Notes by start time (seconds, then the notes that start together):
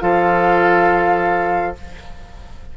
0.00 F3 F4 A4 F5